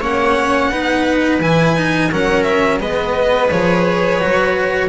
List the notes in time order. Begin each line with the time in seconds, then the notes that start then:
0.00 A#3 C#4 C#5 F#5
0.70 B3 D#4 B4
1.40 E3 E4 G#5
1.77 D#4
2.11 F#3 C#4 A#4 F#5
2.43 E5
2.80 G#3 B3 B4 D#5
3.51 F3 G#4 C#5
4.20 F#3 F#4